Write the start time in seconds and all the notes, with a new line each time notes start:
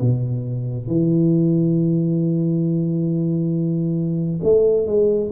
0.00 B2
0.87 E3
4.43 A3
4.86 G#3